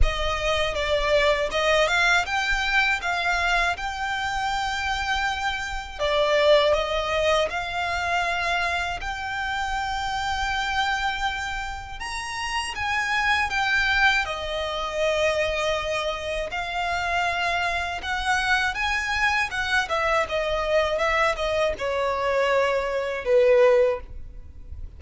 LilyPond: \new Staff \with { instrumentName = "violin" } { \time 4/4 \tempo 4 = 80 dis''4 d''4 dis''8 f''8 g''4 | f''4 g''2. | d''4 dis''4 f''2 | g''1 |
ais''4 gis''4 g''4 dis''4~ | dis''2 f''2 | fis''4 gis''4 fis''8 e''8 dis''4 | e''8 dis''8 cis''2 b'4 | }